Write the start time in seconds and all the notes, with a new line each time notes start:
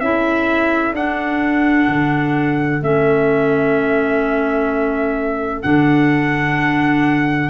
0.00 C#4 E4 A4 E5
0.94 D4 F#5
1.88 D3
2.82 A3 C#4 E5
5.63 D3 D4 F#5